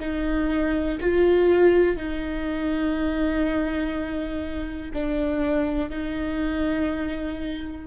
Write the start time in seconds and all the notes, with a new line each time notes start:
0.00 D#4
1.01 F4
1.97 D#4
4.94 D4
5.90 D#4